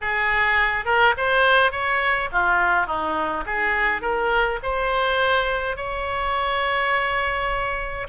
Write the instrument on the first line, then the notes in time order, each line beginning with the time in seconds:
oboe
0.01 G#4
0.85 A#4
1.17 C5
1.71 C#5
2.32 F4
2.86 D#4
3.46 G#4
4.01 A#4
4.62 C5
5.76 C#5